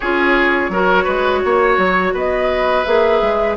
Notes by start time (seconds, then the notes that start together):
0.00 C#4 F4 G#4 C#5
0.69 F#3 F#4 A#4
1.04 G#3 B4
1.44 A#3 C#5
1.77 F#3
2.13 B3 B4 D#5
2.84 A#3 G#4 E5
3.21 G#3